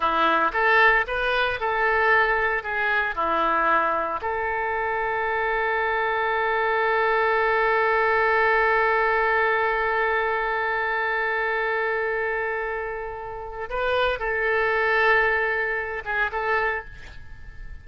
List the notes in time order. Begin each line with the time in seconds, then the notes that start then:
0.00 E4
0.53 A4
1.07 B4
1.60 A4
2.63 G#4
3.15 E4
4.21 A4
13.69 B4
14.19 A4
16.04 G#4
16.32 A4